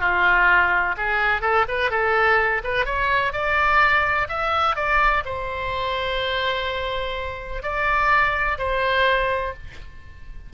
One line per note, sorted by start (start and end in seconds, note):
0.00 0.95 F4
0.97 1.41 G#4
1.41 1.65 A4
1.68 1.90 B4
1.90 2.62 A4
2.63 2.85 B4
2.85 3.32 C#5
3.32 4.28 D5
4.28 4.76 E5
4.76 5.23 D5
5.25 7.63 C5
7.63 8.58 D5
8.58 9.53 C5